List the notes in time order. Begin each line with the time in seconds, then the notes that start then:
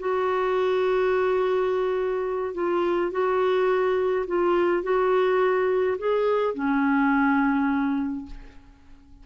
0.00 F#4
2.55 F4
3.12 F#4
4.27 F4
4.84 F#4
5.99 G#4
6.55 C#4